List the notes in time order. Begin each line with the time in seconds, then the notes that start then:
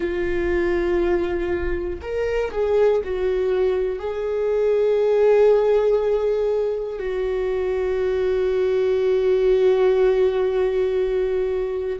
0.00 F4
2.01 A#4
2.51 G#4
3.04 F#4
3.99 G#4
6.99 F#4